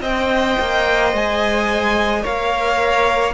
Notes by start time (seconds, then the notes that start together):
0.00 C4 C5 D#5 G5
0.59 A#3
1.13 G#3 G#5
2.22 A#3 A#4 C#5 F5